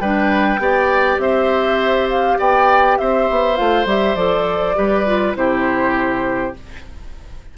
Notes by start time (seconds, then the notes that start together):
0.00 G3 D4 B4 G5
0.58 B3 G4 D5
1.18 C4 C5 E5
2.09 F5
2.38 B3 D5 G5
2.98 C4 C5 E5
3.30 B3
3.56 A3 F4 F5
3.85 G3 G4 E5
4.15 F3 A4 D5
4.75 G3 G4 B4
5.06 F4
5.35 C3 E4 G4 C5